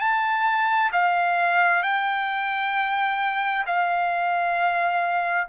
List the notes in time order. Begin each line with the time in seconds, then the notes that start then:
0.00 A5
0.93 F5
1.83 G5
3.67 F5